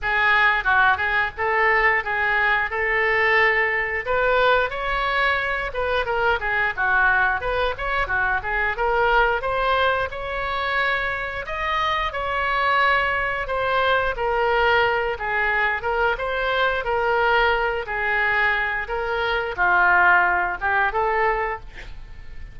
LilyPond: \new Staff \with { instrumentName = "oboe" } { \time 4/4 \tempo 4 = 89 gis'4 fis'8 gis'8 a'4 gis'4 | a'2 b'4 cis''4~ | cis''8 b'8 ais'8 gis'8 fis'4 b'8 cis''8 | fis'8 gis'8 ais'4 c''4 cis''4~ |
cis''4 dis''4 cis''2 | c''4 ais'4. gis'4 ais'8 | c''4 ais'4. gis'4. | ais'4 f'4. g'8 a'4 | }